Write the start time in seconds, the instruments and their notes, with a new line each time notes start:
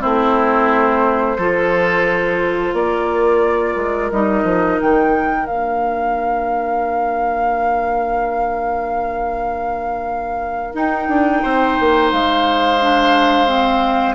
0.00 bassoon A3, clarinet C4, oboe E4, flute C5
1.37 bassoon F3, clarinet F4, oboe A4
2.73 bassoon A#3, oboe A#4, flute D5
3.76 bassoon G#3
4.11 bassoon G3, clarinet D#4, flute D#5
4.44 bassoon F3
4.81 bassoon D#3, flute G5
5.46 bassoon A#3, clarinet D4, flute F5
10.74 clarinet D#4, bassoon D#4, flute G5
11.09 bassoon D4
11.43 bassoon C4, oboe C5
11.80 bassoon A#3
12.11 bassoon G#3, flute F5
12.82 clarinet D4
13.47 clarinet C4